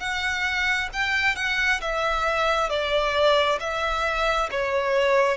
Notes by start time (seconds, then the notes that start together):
0.00 F#5
0.93 G5
1.36 F#5
1.82 E5
2.70 D5
3.60 E5
4.51 C#5